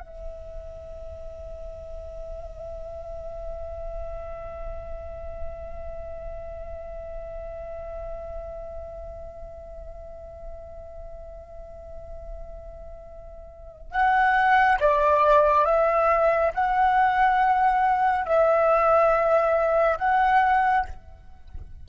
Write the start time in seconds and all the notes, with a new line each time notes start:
0.00 E5
13.91 F#5
14.80 D5
15.65 E5
16.55 F#5
18.26 E5
19.98 F#5